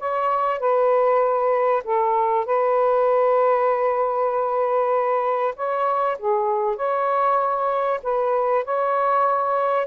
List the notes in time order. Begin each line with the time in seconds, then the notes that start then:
0.00 C#5
0.60 B4
1.85 A4
2.46 B4
5.56 C#5
6.19 G#4
6.77 C#5
8.04 B4
8.65 C#5